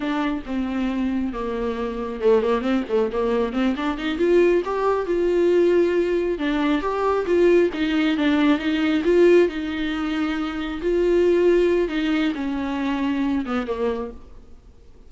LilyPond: \new Staff \with { instrumentName = "viola" } { \time 4/4 \tempo 4 = 136 d'4 c'2 ais4~ | ais4 a8 ais8 c'8 a8 ais4 | c'8 d'8 dis'8 f'4 g'4 f'8~ | f'2~ f'8 d'4 g'8~ |
g'8 f'4 dis'4 d'4 dis'8~ | dis'8 f'4 dis'2~ dis'8~ | dis'8 f'2~ f'8 dis'4 | cis'2~ cis'8 b8 ais4 | }